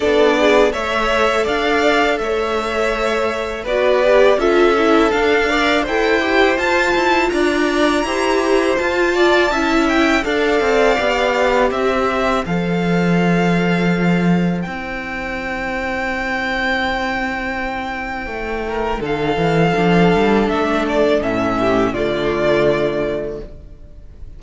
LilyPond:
<<
  \new Staff \with { instrumentName = "violin" } { \time 4/4 \tempo 4 = 82 d''4 e''4 f''4 e''4~ | e''4 d''4 e''4 f''4 | g''4 a''4 ais''2 | a''4. g''8 f''2 |
e''4 f''2. | g''1~ | g''2 f''2 | e''8 d''8 e''4 d''2 | }
  \new Staff \with { instrumentName = "violin" } { \time 4/4 a'8 gis'8 cis''4 d''4 cis''4~ | cis''4 b'4 a'4. d''8 | c''2 d''4 c''4~ | c''8 d''8 e''4 d''2 |
c''1~ | c''1~ | c''4. ais'8 a'2~ | a'4. g'8 f'2 | }
  \new Staff \with { instrumentName = "viola" } { \time 4/4 d'4 a'2.~ | a'4 fis'8 g'8 f'8 e'8 d'8 ais'8 | a'8 g'8 f'2 g'4 | f'4 e'4 a'4 g'4~ |
g'4 a'2. | e'1~ | e'2. d'4~ | d'4 cis'4 a2 | }
  \new Staff \with { instrumentName = "cello" } { \time 4/4 b4 a4 d'4 a4~ | a4 b4 cis'4 d'4 | e'4 f'8 e'8 d'4 e'4 | f'4 cis'4 d'8 c'8 b4 |
c'4 f2. | c'1~ | c'4 a4 d8 e8 f8 g8 | a4 a,4 d2 | }
>>